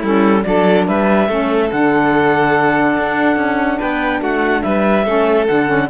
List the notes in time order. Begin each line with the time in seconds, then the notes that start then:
0.00 G3 C#4 E4 A4
0.43 F#3 D4 A4 D5
0.87 G3 B4 E5
1.28 A3 C#4 A4
1.69 D3 D4 F#5
2.98 D4
3.36 C#4
3.78 B3 B4 G5
4.20 A3 F#4 F#5
4.62 G3 B4 E5
5.04 A3 C#4 A4
5.47 D3 D4 F#5
5.66 C#4